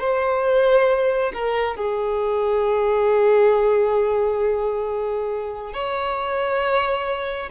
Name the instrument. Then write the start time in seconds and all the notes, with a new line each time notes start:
violin
0.00 C5
1.34 A#4
1.76 G#4
5.74 C#5